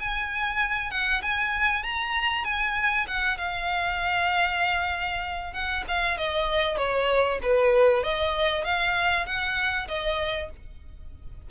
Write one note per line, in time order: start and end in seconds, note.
0.00 0.91 G#5
0.91 1.22 F#5
1.22 1.83 G#5
1.83 2.45 A#5
2.45 3.07 G#5
3.08 3.38 F#5
3.38 5.54 F5
5.54 5.85 F#5
5.88 6.18 F5
6.18 6.78 D#5
6.78 7.39 C#5
7.43 8.03 B4
8.03 8.65 D#5
8.65 9.26 F5
9.26 9.88 F#5
9.88 10.50 D#5